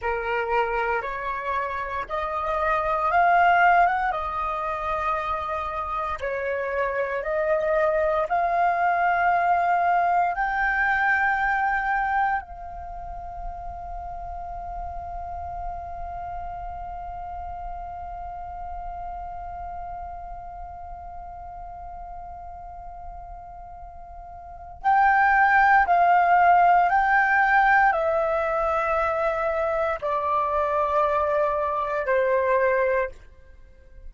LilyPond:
\new Staff \with { instrumentName = "flute" } { \time 4/4 \tempo 4 = 58 ais'4 cis''4 dis''4 f''8. fis''16 | dis''2 cis''4 dis''4 | f''2 g''2 | f''1~ |
f''1~ | f''1 | g''4 f''4 g''4 e''4~ | e''4 d''2 c''4 | }